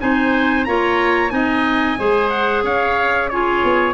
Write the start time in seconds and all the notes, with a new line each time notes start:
0.00 C4 D#4 C5 G#5
0.64 A#3 F4 C#5 A#5
1.30 C4 D#4 D#5 G#5
1.99 G#3 G#4 C5
2.30 F#5
2.63 C#4 C#5 F5
3.29 F4 G#4 C#5
3.64 B3